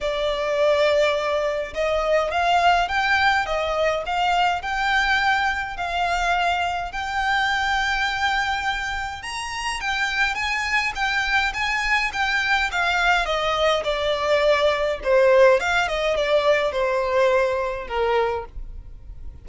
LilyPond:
\new Staff \with { instrumentName = "violin" } { \time 4/4 \tempo 4 = 104 d''2. dis''4 | f''4 g''4 dis''4 f''4 | g''2 f''2 | g''1 |
ais''4 g''4 gis''4 g''4 | gis''4 g''4 f''4 dis''4 | d''2 c''4 f''8 dis''8 | d''4 c''2 ais'4 | }